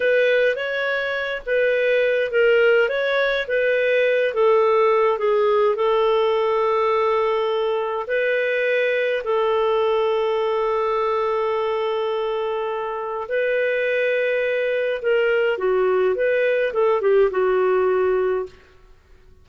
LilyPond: \new Staff \with { instrumentName = "clarinet" } { \time 4/4 \tempo 4 = 104 b'4 cis''4. b'4. | ais'4 cis''4 b'4. a'8~ | a'4 gis'4 a'2~ | a'2 b'2 |
a'1~ | a'2. b'4~ | b'2 ais'4 fis'4 | b'4 a'8 g'8 fis'2 | }